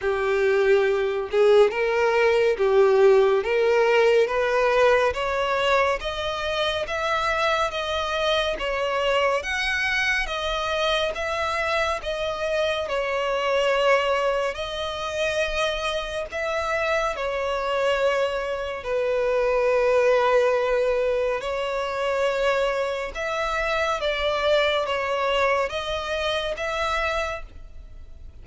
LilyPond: \new Staff \with { instrumentName = "violin" } { \time 4/4 \tempo 4 = 70 g'4. gis'8 ais'4 g'4 | ais'4 b'4 cis''4 dis''4 | e''4 dis''4 cis''4 fis''4 | dis''4 e''4 dis''4 cis''4~ |
cis''4 dis''2 e''4 | cis''2 b'2~ | b'4 cis''2 e''4 | d''4 cis''4 dis''4 e''4 | }